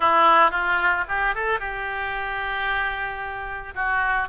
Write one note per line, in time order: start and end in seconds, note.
0.00 0.51 E4
0.51 1.04 F4
1.08 1.34 G4
1.34 1.59 A4
1.59 3.74 G4
3.75 4.28 F#4